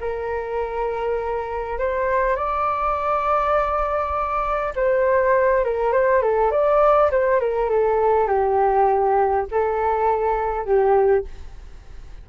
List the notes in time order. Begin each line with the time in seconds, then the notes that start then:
0.00 A#4
1.78 C5
2.35 D5
4.75 C5
5.64 A#4
5.92 C5
6.22 A4
6.51 D5
7.11 C5
7.40 A#4
7.69 A4
8.27 G4
9.51 A4
10.65 G4